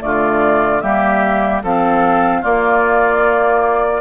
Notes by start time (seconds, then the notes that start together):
0.00 D3 A3 F4 D5
0.81 G3 A#3 G4 E5
1.63 F3 C4 A4 F5
2.41 A#3 F4 D5